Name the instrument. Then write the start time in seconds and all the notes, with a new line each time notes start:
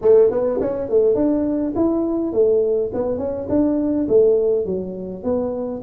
tuba
0.01 A3
0.30 B3
0.60 C#4
0.89 A3
1.15 D4
1.75 E4
2.32 A3
2.93 B3
3.17 C#4
3.49 D4
4.08 A3
4.65 F#3
5.23 B3